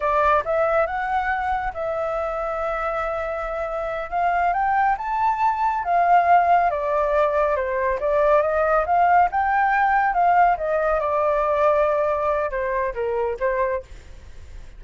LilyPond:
\new Staff \with { instrumentName = "flute" } { \time 4/4 \tempo 4 = 139 d''4 e''4 fis''2 | e''1~ | e''4. f''4 g''4 a''8~ | a''4. f''2 d''8~ |
d''4. c''4 d''4 dis''8~ | dis''8 f''4 g''2 f''8~ | f''8 dis''4 d''2~ d''8~ | d''4 c''4 ais'4 c''4 | }